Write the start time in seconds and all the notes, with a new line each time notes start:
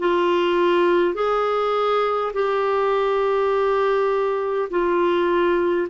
0.00 F4
1.15 G#4
2.34 G4
4.71 F4